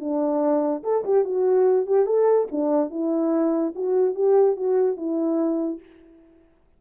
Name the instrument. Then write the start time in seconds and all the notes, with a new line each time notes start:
horn
0.00 D4
0.83 A4
1.05 G4
1.25 F#4
1.87 G4
2.06 A4
2.52 D4
2.90 E4
3.75 F#4
4.15 G4
4.56 F#4
4.97 E4